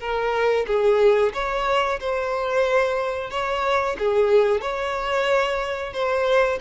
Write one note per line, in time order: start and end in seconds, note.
0.00 0.66 A#4
0.67 1.33 G#4
1.34 2.00 C#5
2.00 3.31 C5
3.31 3.97 C#5
3.99 4.62 G#4
4.62 5.93 C#5
5.93 6.59 C5